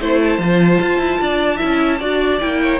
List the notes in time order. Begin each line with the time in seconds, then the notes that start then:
0.00 A3 E4 C5
0.20 A5
0.38 F3 F4
0.81 F4
0.98 E4
1.20 D4 D5
1.56 E4 E5
1.63 C#4
1.99 D4 F#4 D5
2.39 A#3 E4 G5
2.62 C#5